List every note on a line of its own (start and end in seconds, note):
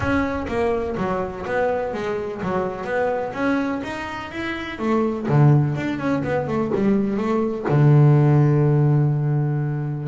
0.00 0.46 C#4
0.48 0.96 A#3
0.97 1.45 F#3
1.46 1.93 B3
1.93 2.41 G#3
2.42 2.84 F#3
2.84 3.32 B3
3.33 3.81 C#4
3.83 4.31 D#4
4.31 4.78 E4
4.78 5.26 A3
5.28 5.76 D3
5.76 5.98 D4
5.98 6.22 C#4
6.23 6.47 B3
6.47 6.71 A3
6.74 7.17 G3
7.17 7.65 A3
7.68 10.08 D3